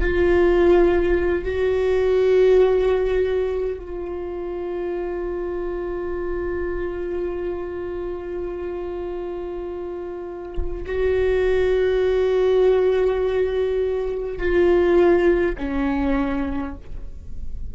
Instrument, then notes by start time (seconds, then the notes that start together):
viola
0.00 F4
1.44 F#4
3.79 F4
10.86 F#4
14.38 F4
15.57 C#4